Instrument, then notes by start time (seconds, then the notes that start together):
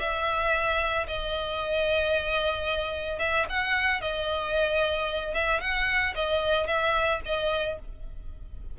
violin
0.00 E5
1.08 D#5
3.19 E5
3.50 F#5
4.02 D#5
5.34 E5
5.61 F#5
6.15 D#5
6.67 E5
7.26 D#5